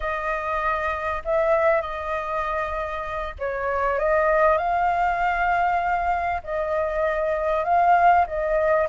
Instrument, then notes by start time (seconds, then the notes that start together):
flute
0.00 D#5
1.24 E5
1.81 D#5
3.38 C#5
3.99 D#5
4.58 F5
6.43 D#5
7.64 F5
8.26 D#5